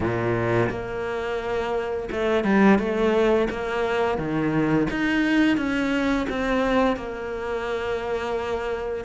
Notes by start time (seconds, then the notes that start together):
0.00 A#2
0.69 A#3
2.11 A3
2.44 G3
2.78 A3
3.49 A#3
4.18 D#3
4.90 D#4
5.57 C#4
6.29 C4
6.96 A#3